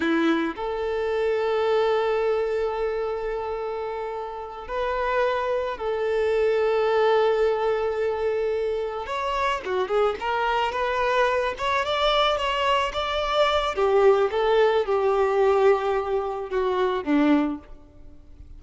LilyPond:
\new Staff \with { instrumentName = "violin" } { \time 4/4 \tempo 4 = 109 e'4 a'2.~ | a'1~ | a'8 b'2 a'4.~ | a'1~ |
a'8 cis''4 fis'8 gis'8 ais'4 b'8~ | b'4 cis''8 d''4 cis''4 d''8~ | d''4 g'4 a'4 g'4~ | g'2 fis'4 d'4 | }